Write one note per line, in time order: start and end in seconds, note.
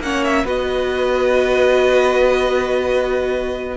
0.00 0.44 A#3
0.00 0.46 C#4
0.00 0.45 C#5
0.00 0.24 F#5
0.24 0.47 E5
0.45 3.77 B3
0.45 3.77 F#4
0.45 3.77 B4
0.45 3.77 D#5